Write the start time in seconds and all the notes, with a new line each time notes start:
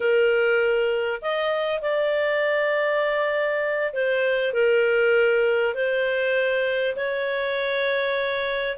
0.00 A#4
1.21 D#5
1.81 D5
3.93 C5
4.53 A#4
5.74 C5
6.95 C#5